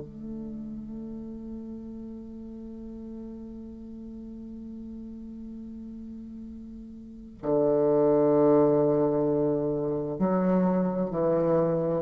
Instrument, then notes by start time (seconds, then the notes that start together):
bassoon
0.00 A3
7.42 D3
10.18 F#3
11.10 E3